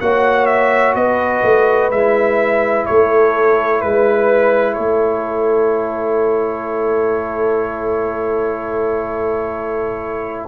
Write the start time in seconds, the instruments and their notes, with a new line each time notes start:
0.00 tuba A#3, trombone F#4, horn C#5, trumpet F#5
0.45 trumpet E5
0.95 tuba B3, horn B4, trumpet D#5
1.42 tuba A3
1.90 tuba G#3, trombone E4, trumpet E5
2.85 tuba A3, horn A4, trumpet C#5
3.81 tuba G#3, trumpet B4, horn B4
4.73 tuba A3, horn A4, trumpet C#5